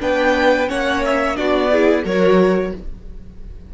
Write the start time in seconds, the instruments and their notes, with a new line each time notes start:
0.00 cello B3, viola D4, violin B4 G5
0.67 cello A#3, viola C#4, violin C#5 F#5
1.05 violin E5
1.35 cello B3, viola D4, violin F#4 D5
1.71 viola E4, violin G#4
2.04 cello F#3, viola F#4, violin A#4 C#5